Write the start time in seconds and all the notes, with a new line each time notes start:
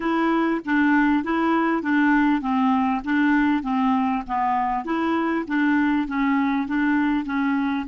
0.00 E4
0.65 D4
1.23 E4
1.82 D4
2.41 C4
3.04 D4
3.63 C4
4.27 B3
4.84 E4
5.47 D4
6.07 C#4
6.67 D4
7.25 C#4